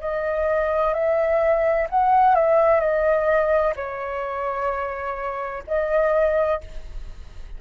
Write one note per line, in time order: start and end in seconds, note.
0.00 0.94 D#5
0.94 1.87 E5
1.90 2.35 F#5
2.35 2.80 E5
2.80 3.74 D#5
3.76 5.63 C#5
5.67 6.61 D#5